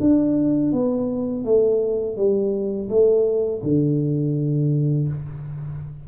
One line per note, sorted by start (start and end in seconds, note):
0.00 0.72 D4
0.72 1.44 B3
1.44 2.16 A3
2.16 2.88 G3
2.89 3.61 A3
3.63 5.07 D3